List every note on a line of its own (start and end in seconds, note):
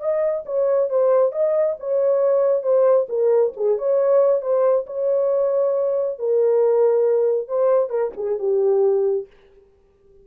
0.00 0.44 D#5
0.46 0.89 C#5
0.89 1.32 C5
1.32 1.76 D#5
1.79 2.63 C#5
2.63 3.07 C5
3.09 3.53 A#4
3.56 3.78 G#4
3.78 4.42 C#5
4.42 4.86 C5
4.86 6.18 C#5
6.19 7.48 A#4
7.48 7.90 C5
7.90 8.12 A#4
8.17 8.39 G#4
8.39 9.27 G4